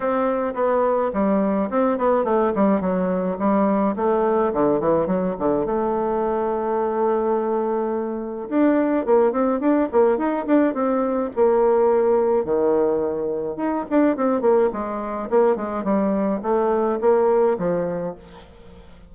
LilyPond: \new Staff \with { instrumentName = "bassoon" } { \time 4/4 \tempo 4 = 106 c'4 b4 g4 c'8 b8 | a8 g8 fis4 g4 a4 | d8 e8 fis8 d8 a2~ | a2. d'4 |
ais8 c'8 d'8 ais8 dis'8 d'8 c'4 | ais2 dis2 | dis'8 d'8 c'8 ais8 gis4 ais8 gis8 | g4 a4 ais4 f4 | }